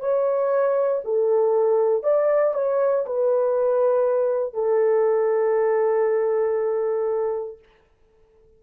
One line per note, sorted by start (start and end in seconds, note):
0.00 1.02 C#5
1.04 2.03 A4
2.03 2.54 D5
2.54 3.05 C#5
3.06 4.53 B4
4.53 7.59 A4